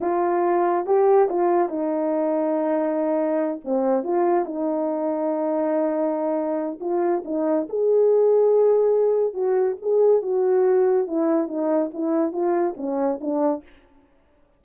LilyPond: \new Staff \with { instrumentName = "horn" } { \time 4/4 \tempo 4 = 141 f'2 g'4 f'4 | dis'1~ | dis'8 c'4 f'4 dis'4.~ | dis'1 |
f'4 dis'4 gis'2~ | gis'2 fis'4 gis'4 | fis'2 e'4 dis'4 | e'4 f'4 cis'4 d'4 | }